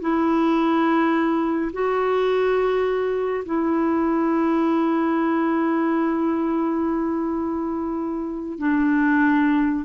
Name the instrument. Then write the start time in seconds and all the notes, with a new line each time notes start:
clarinet
0.00 E4
1.73 F#4
3.45 E4
8.58 D4